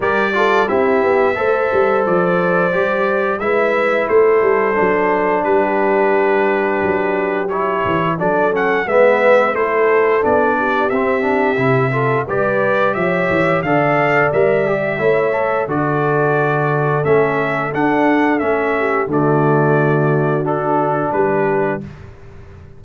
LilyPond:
<<
  \new Staff \with { instrumentName = "trumpet" } { \time 4/4 \tempo 4 = 88 d''4 e''2 d''4~ | d''4 e''4 c''2 | b'2. cis''4 | d''8 fis''8 e''4 c''4 d''4 |
e''2 d''4 e''4 | f''4 e''2 d''4~ | d''4 e''4 fis''4 e''4 | d''2 a'4 b'4 | }
  \new Staff \with { instrumentName = "horn" } { \time 4/4 ais'8 a'8 g'4 c''2~ | c''4 b'4 a'2 | g'1 | a'4 b'4 a'4. g'8~ |
g'4. a'8 b'4 cis''4 | d''2 cis''4 a'4~ | a'2.~ a'8 g'8 | fis'2. g'4 | }
  \new Staff \with { instrumentName = "trombone" } { \time 4/4 g'8 f'8 e'4 a'2 | g'4 e'2 d'4~ | d'2. e'4 | d'8 cis'8 b4 e'4 d'4 |
c'8 d'8 e'8 f'8 g'2 | a'4 ais'8 g'8 e'8 a'8 fis'4~ | fis'4 cis'4 d'4 cis'4 | a2 d'2 | }
  \new Staff \with { instrumentName = "tuba" } { \time 4/4 g4 c'8 b8 a8 g8 f4 | g4 gis4 a8 g8 fis4 | g2 fis4. e8 | fis4 gis4 a4 b4 |
c'4 c4 g4 f8 e8 | d4 g4 a4 d4~ | d4 a4 d'4 a4 | d2. g4 | }
>>